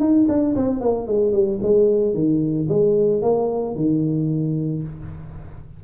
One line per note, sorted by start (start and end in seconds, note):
0.00 0.27 D#4
0.28 0.55 D4
0.56 0.81 C4
0.81 1.07 A#3
1.07 1.32 G#3
1.32 1.59 G3
1.62 2.14 G#3
2.14 2.67 D#3
2.69 3.22 G#3
3.22 3.75 A#3
3.75 4.83 D#3